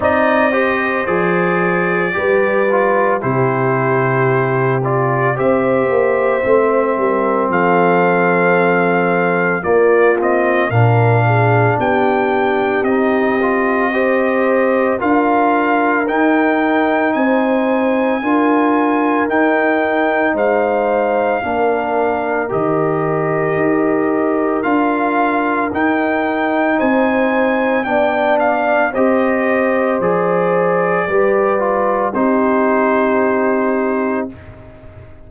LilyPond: <<
  \new Staff \with { instrumentName = "trumpet" } { \time 4/4 \tempo 4 = 56 dis''4 d''2 c''4~ | c''8 d''8 e''2 f''4~ | f''4 d''8 dis''8 f''4 g''4 | dis''2 f''4 g''4 |
gis''2 g''4 f''4~ | f''4 dis''2 f''4 | g''4 gis''4 g''8 f''8 dis''4 | d''2 c''2 | }
  \new Staff \with { instrumentName = "horn" } { \time 4/4 d''8 c''4. b'4 g'4~ | g'4 c''4. ais'8 a'4~ | a'4 f'4 ais'8 gis'8 g'4~ | g'4 c''4 ais'2 |
c''4 ais'2 c''4 | ais'1~ | ais'4 c''4 d''4 c''4~ | c''4 b'4 g'2 | }
  \new Staff \with { instrumentName = "trombone" } { \time 4/4 dis'8 g'8 gis'4 g'8 f'8 e'4~ | e'8 f'8 g'4 c'2~ | c'4 ais8 c'8 d'2 | dis'8 f'8 g'4 f'4 dis'4~ |
dis'4 f'4 dis'2 | d'4 g'2 f'4 | dis'2 d'4 g'4 | gis'4 g'8 f'8 dis'2 | }
  \new Staff \with { instrumentName = "tuba" } { \time 4/4 c'4 f4 g4 c4~ | c4 c'8 ais8 a8 g8 f4~ | f4 ais4 ais,4 b4 | c'2 d'4 dis'4 |
c'4 d'4 dis'4 gis4 | ais4 dis4 dis'4 d'4 | dis'4 c'4 b4 c'4 | f4 g4 c'2 | }
>>